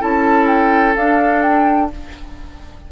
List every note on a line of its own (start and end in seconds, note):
0.00 0.96 C#4
0.00 0.95 E4
0.00 1.91 A4
0.00 0.48 A5
0.48 0.95 G5
0.96 1.91 D4
0.96 1.42 F5
1.42 1.90 G5